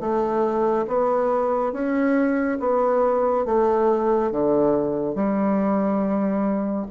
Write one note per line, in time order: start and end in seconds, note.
0.00 0.86 A3
0.88 1.73 B3
1.73 2.58 C#4
2.60 3.46 B3
3.46 4.31 A3
4.31 5.15 D3
5.15 6.86 G3